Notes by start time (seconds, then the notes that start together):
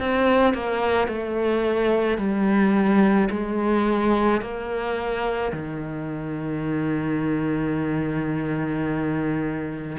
0.00 C4
0.54 A#3
1.08 A3
2.18 G3
3.30 G#3
4.41 A#3
5.53 D#3